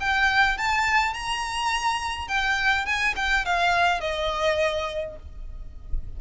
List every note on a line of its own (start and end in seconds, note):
0.00 0.57 G5
0.57 1.13 A5
1.13 2.28 A#5
2.28 2.86 G5
2.86 3.14 G#5
3.16 3.45 G5
3.45 4.00 F5
4.00 5.16 D#5